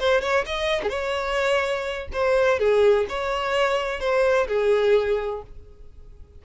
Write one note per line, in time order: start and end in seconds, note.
0.00 0.21 C5
0.21 0.45 C#5
0.46 0.82 D#5
0.83 0.90 G#4
0.90 2.08 C#5
2.13 2.59 C5
2.59 3.07 G#4
3.09 4.00 C#5
4.00 4.48 C5
4.48 5.42 G#4